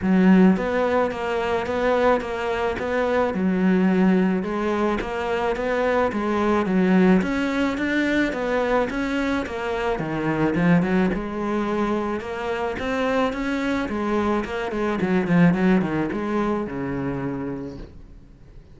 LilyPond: \new Staff \with { instrumentName = "cello" } { \time 4/4 \tempo 4 = 108 fis4 b4 ais4 b4 | ais4 b4 fis2 | gis4 ais4 b4 gis4 | fis4 cis'4 d'4 b4 |
cis'4 ais4 dis4 f8 fis8 | gis2 ais4 c'4 | cis'4 gis4 ais8 gis8 fis8 f8 | fis8 dis8 gis4 cis2 | }